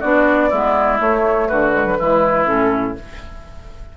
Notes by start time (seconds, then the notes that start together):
0.00 B3 D4 F#4 D5
0.50 G#3 B3 E4
0.98 A3 C#5
1.48 D3 F#4 B4
1.72 G#3
1.84 F#3
1.99 E3 G#3 E4
2.45 A2 C#4 A4